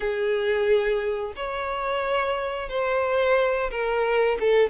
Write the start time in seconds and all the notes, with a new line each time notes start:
0.00 G#4
1.35 C#5
2.69 C5
3.70 A#4
4.40 A4